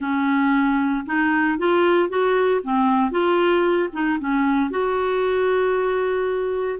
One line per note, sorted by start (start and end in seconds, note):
0.00 1.05 C#4
1.06 1.58 D#4
1.58 2.09 F4
2.09 2.61 F#4
2.63 3.11 C4
3.11 3.89 F4
3.92 4.18 D#4
4.19 4.70 C#4
4.70 6.79 F#4